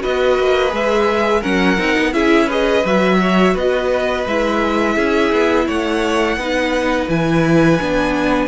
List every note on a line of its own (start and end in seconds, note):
0.00 0.39 B3
0.00 0.69 F#4
0.00 1.41 B4
0.00 0.74 D#5
0.39 0.72 A#3
0.69 1.43 G#3
0.69 1.40 G#4
0.69 1.43 E5
1.41 1.78 F#3
1.41 1.78 C#4
1.41 2.11 A#4
1.41 2.14 F#5
1.78 1.96 C4
1.78 2.13 D#4
1.98 2.13 B3
2.13 2.84 C#4
2.13 2.49 E4
2.13 2.46 G#4
2.13 2.49 E5
2.46 2.86 G#4
2.46 3.17 B4
2.46 2.86 D#5
2.85 3.55 F#3
2.85 4.27 F#4
2.85 3.57 E5
3.21 3.54 C#5
3.54 4.26 B3
3.54 4.95 B4
3.54 4.27 D#5
4.27 4.97 G#3
4.27 6.39 E4
4.27 5.68 E5
4.95 5.32 C#4
4.95 5.65 G#4
5.32 5.67 B3
5.67 6.37 A3
5.67 6.37 C#5
5.67 7.09 F#5
6.37 7.07 B3
6.37 7.09 D#4
6.37 8.48 B4
7.09 7.79 E3
7.09 7.79 E4
7.09 8.48 G#5
7.80 8.48 B3
7.80 8.48 D4